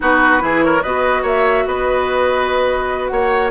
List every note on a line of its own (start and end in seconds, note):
0.00 0.41 B3
0.00 0.39 D#4
0.00 0.42 F#4
0.00 0.62 B4
0.39 0.82 E3
0.39 0.81 E4
0.39 0.64 G#4
0.62 0.83 A#4
0.62 0.82 C#5
0.82 1.23 B3
0.82 3.51 F#4
0.82 1.22 B4
0.82 1.24 D#5
1.22 1.64 A#3
1.22 1.64 C#5
1.22 1.67 E5
1.66 3.10 B3
1.66 3.11 B4
1.66 3.07 D#5
3.07 3.51 A#3
3.07 3.51 C#5
3.07 3.48 F#5